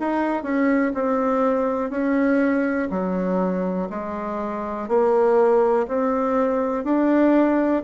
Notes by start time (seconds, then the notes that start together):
0.00 D#4
0.43 C#4
0.95 C4
1.90 C#4
2.91 F#3
3.90 G#3
4.89 A#3
5.88 C4
6.85 D4